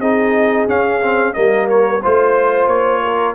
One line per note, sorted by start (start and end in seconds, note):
0.00 0.67 C4
0.00 0.68 D#4
0.00 1.34 G#4
0.00 0.67 D#5
0.68 1.01 C#4
0.68 1.36 C#4
0.68 1.34 F5
1.03 1.34 C4
1.34 2.04 G3
1.34 2.01 A#3
1.34 2.02 A#4
1.34 1.67 D#5
1.70 2.03 C#5
2.02 2.68 A3
2.02 3.35 F4
2.02 3.02 C5
2.02 2.68 C5
2.68 3.34 A#3
2.68 3.35 C#5
3.04 3.35 A#4